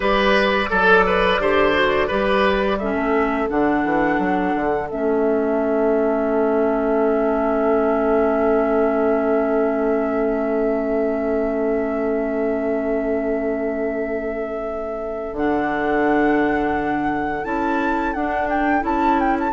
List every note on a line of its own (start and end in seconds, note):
0.00 0.67 G3
0.00 0.66 G4
0.00 0.69 B4
0.00 2.78 D5
0.69 1.39 F#3
0.69 1.04 A4
0.69 1.40 A4
1.06 1.41 B4
1.39 2.09 D3
1.39 1.73 G4
1.39 2.07 C5
1.73 2.08 F#4
2.07 2.94 G3
2.07 2.78 G4
2.07 2.77 B4
2.78 3.48 C#4
2.78 19.53 A4
2.78 3.48 E5
2.94 3.47 A3
3.48 3.84 D3
3.48 4.88 D4
3.48 4.89 F#5
3.84 4.18 E3
4.18 4.53 F#3
4.55 4.90 D3
4.89 15.33 A3
4.89 15.36 C#4
4.89 15.36 E5
15.33 17.42 D3
15.33 17.44 D4
15.33 17.44 F#5
17.44 18.15 C#4
17.44 18.14 E4
17.44 18.13 A5
18.13 18.83 D4
18.13 18.80 D4
18.13 18.48 F#5
18.49 18.84 G5
18.80 19.53 C#4
18.80 19.50 E4
18.80 19.19 A5
19.19 19.37 G5
19.39 19.53 A5